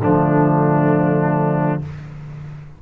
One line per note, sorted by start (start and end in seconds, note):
0.00 1.79 D3
0.00 1.82 F3
0.00 1.79 A3
0.00 1.82 D4